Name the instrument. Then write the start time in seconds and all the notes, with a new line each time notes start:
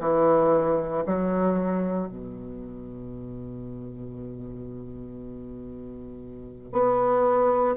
bassoon
0.00 E3
1.06 F#3
2.07 B2
6.72 B3